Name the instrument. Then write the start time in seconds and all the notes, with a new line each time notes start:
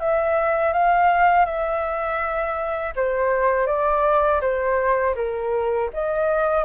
flute
0.00 E5
0.73 F5
1.45 E5
2.96 C5
3.66 D5
4.41 C5
5.15 A#4
5.93 D#5